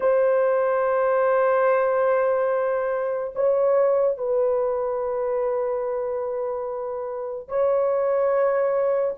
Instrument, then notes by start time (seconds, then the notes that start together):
horn
0.00 C5
3.35 C#5
4.17 B4
7.48 C#5